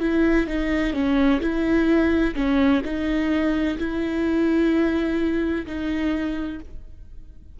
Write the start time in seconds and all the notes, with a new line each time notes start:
0.00 E4
0.47 D#4
0.94 C#4
1.41 E4
2.35 C#4
2.84 D#4
3.78 E4
5.66 D#4